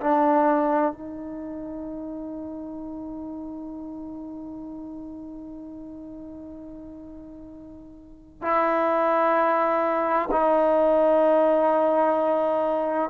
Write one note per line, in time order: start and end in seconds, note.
0.00 0.92 D4
0.92 8.42 D#4
8.42 10.29 E4
10.32 13.10 D#4